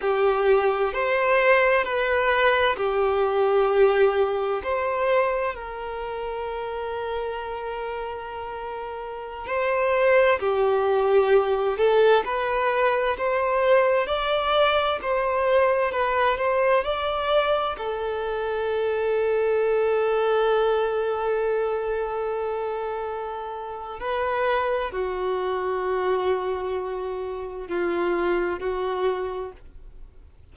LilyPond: \new Staff \with { instrumentName = "violin" } { \time 4/4 \tempo 4 = 65 g'4 c''4 b'4 g'4~ | g'4 c''4 ais'2~ | ais'2~ ais'16 c''4 g'8.~ | g'8. a'8 b'4 c''4 d''8.~ |
d''16 c''4 b'8 c''8 d''4 a'8.~ | a'1~ | a'2 b'4 fis'4~ | fis'2 f'4 fis'4 | }